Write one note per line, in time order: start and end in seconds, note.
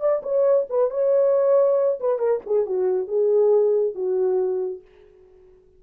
0.00 0.22 D5
0.23 0.67 C#5
0.70 0.91 B4
0.91 1.99 C#5
2.00 2.19 B4
2.19 2.41 A#4
2.46 2.66 G#4
2.66 3.08 F#4
3.08 3.95 G#4
3.95 4.82 F#4